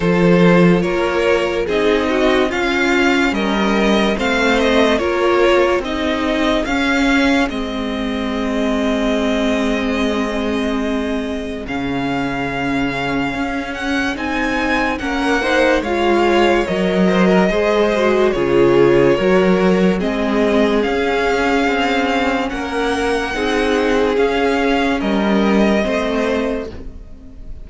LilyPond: <<
  \new Staff \with { instrumentName = "violin" } { \time 4/4 \tempo 4 = 72 c''4 cis''4 dis''4 f''4 | dis''4 f''8 dis''8 cis''4 dis''4 | f''4 dis''2.~ | dis''2 f''2~ |
f''8 fis''8 gis''4 fis''4 f''4 | dis''2 cis''2 | dis''4 f''2 fis''4~ | fis''4 f''4 dis''2 | }
  \new Staff \with { instrumentName = "violin" } { \time 4/4 a'4 ais'4 gis'8 fis'8 f'4 | ais'4 c''4 ais'4 gis'4~ | gis'1~ | gis'1~ |
gis'2 ais'8 c''8 cis''4~ | cis''8 c''16 ais'16 c''4 gis'4 ais'4 | gis'2. ais'4 | gis'2 ais'4 c''4 | }
  \new Staff \with { instrumentName = "viola" } { \time 4/4 f'2 dis'4 cis'4~ | cis'4 c'4 f'4 dis'4 | cis'4 c'2.~ | c'2 cis'2~ |
cis'4 dis'4 cis'8 dis'8 f'4 | ais'4 gis'8 fis'8 f'4 fis'4 | c'4 cis'2. | dis'4 cis'2 c'4 | }
  \new Staff \with { instrumentName = "cello" } { \time 4/4 f4 ais4 c'4 cis'4 | g4 a4 ais4 c'4 | cis'4 gis2.~ | gis2 cis2 |
cis'4 c'4 ais4 gis4 | fis4 gis4 cis4 fis4 | gis4 cis'4 c'4 ais4 | c'4 cis'4 g4 a4 | }
>>